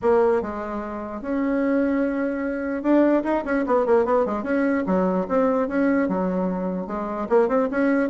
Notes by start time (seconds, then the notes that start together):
0.01 A#3
0.42 G#3
1.21 C#4
2.82 D4
3.23 D#4
3.45 C#4
3.66 B3
3.86 A#3
4.05 B3
4.25 G#3
4.43 C#4
4.86 F#3
5.28 C4
5.68 C#4
6.08 F#3
6.87 G#3
7.29 A#3
7.48 C4
7.70 C#4